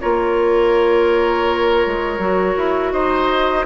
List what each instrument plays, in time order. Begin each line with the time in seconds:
0.00 bassoon A#3, clarinet F4, oboe A#4, flute C#5
1.86 bassoon G#3
2.18 bassoon F#3, clarinet F#4
2.57 bassoon E4
2.92 bassoon D#4, oboe C5, flute D#5